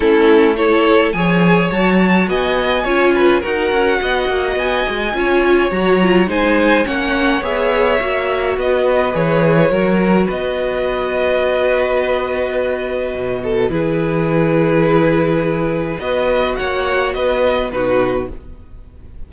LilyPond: <<
  \new Staff \with { instrumentName = "violin" } { \time 4/4 \tempo 4 = 105 a'4 cis''4 gis''4 a''4 | gis''2 fis''2 | gis''2 ais''4 gis''4 | fis''4 e''2 dis''4 |
cis''2 dis''2~ | dis''1 | b'1 | dis''4 fis''4 dis''4 b'4 | }
  \new Staff \with { instrumentName = "violin" } { \time 4/4 e'4 a'4 cis''2 | dis''4 cis''8 b'8 ais'4 dis''4~ | dis''4 cis''2 c''4 | cis''2. b'4~ |
b'4 ais'4 b'2~ | b'2.~ b'8 a'8 | gis'1 | b'4 cis''4 b'4 fis'4 | }
  \new Staff \with { instrumentName = "viola" } { \time 4/4 cis'4 e'4 gis'4 fis'4~ | fis'4 f'4 fis'2~ | fis'4 f'4 fis'8 f'8 dis'4 | cis'4 gis'4 fis'2 |
gis'4 fis'2.~ | fis'1 | e'1 | fis'2. dis'4 | }
  \new Staff \with { instrumentName = "cello" } { \time 4/4 a2 f4 fis4 | b4 cis'4 dis'8 cis'8 b8 ais8 | b8 gis8 cis'4 fis4 gis4 | ais4 b4 ais4 b4 |
e4 fis4 b2~ | b2. b,4 | e1 | b4 ais4 b4 b,4 | }
>>